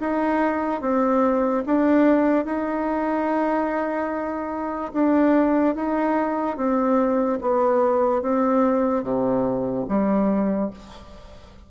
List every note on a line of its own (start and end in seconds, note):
0.00 0.81 D#4
0.81 1.64 C4
1.66 2.45 D4
2.45 4.92 D#4
4.93 5.75 D4
5.75 6.57 D#4
6.57 7.39 C4
7.41 8.22 B3
8.22 9.03 C4
9.03 9.86 C3
9.88 10.70 G3